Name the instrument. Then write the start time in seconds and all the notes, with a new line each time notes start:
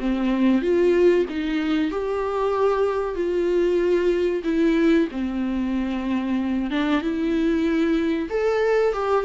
viola
0.00 C4
0.62 F4
1.30 D#4
1.91 G4
3.15 F4
4.44 E4
5.12 C4
6.71 D4
7.02 E4
8.30 A4
8.94 G4